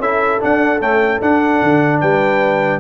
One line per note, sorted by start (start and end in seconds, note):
0.00 0.40 C#4
0.00 0.40 E4
0.00 2.01 A4
0.00 0.42 E5
0.40 0.80 D4
0.40 0.81 D4
0.40 0.82 F#5
0.81 1.22 A3
0.81 1.21 C#4
0.81 1.22 G5
1.22 2.80 D4
1.22 1.62 D4
1.22 2.01 F#5
1.63 2.02 D3
2.01 2.80 G3
2.01 2.80 B4
2.01 2.80 G5